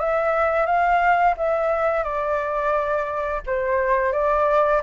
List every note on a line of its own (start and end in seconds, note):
0.00 0.66 E5
0.66 1.35 F5
1.38 2.04 E5
2.04 3.42 D5
3.47 4.13 C5
4.13 4.82 D5